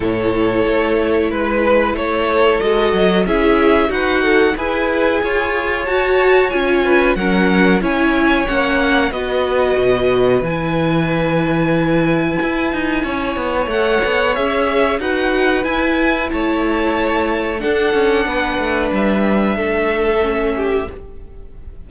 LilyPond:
<<
  \new Staff \with { instrumentName = "violin" } { \time 4/4 \tempo 4 = 92 cis''2 b'4 cis''4 | dis''4 e''4 fis''4 gis''4~ | gis''4 a''4 gis''4 fis''4 | gis''4 fis''4 dis''2 |
gis''1~ | gis''4 fis''4 e''4 fis''4 | gis''4 a''2 fis''4~ | fis''4 e''2. | }
  \new Staff \with { instrumentName = "violin" } { \time 4/4 a'2 b'4 a'4~ | a'4 gis'4 fis'4 b'4 | cis''2~ cis''8 b'8 ais'4 | cis''2 b'2~ |
b'1 | cis''2. b'4~ | b'4 cis''2 a'4 | b'2 a'4. g'8 | }
  \new Staff \with { instrumentName = "viola" } { \time 4/4 e'1 | fis'4 e'4 b'8 a'8 gis'4~ | gis'4 fis'4 f'4 cis'4 | e'4 cis'4 fis'2 |
e'1~ | e'4 a'4 gis'4 fis'4 | e'2. d'4~ | d'2. cis'4 | }
  \new Staff \with { instrumentName = "cello" } { \time 4/4 a,4 a4 gis4 a4 | gis8 fis8 cis'4 dis'4 e'4 | f'4 fis'4 cis'4 fis4 | cis'4 ais4 b4 b,4 |
e2. e'8 dis'8 | cis'8 b8 a8 b8 cis'4 dis'4 | e'4 a2 d'8 cis'8 | b8 a8 g4 a2 | }
>>